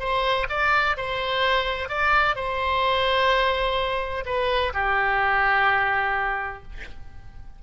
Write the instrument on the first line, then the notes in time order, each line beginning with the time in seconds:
oboe
0.00 C5
0.50 D5
0.97 C5
1.89 D5
2.36 C5
4.26 B4
4.74 G4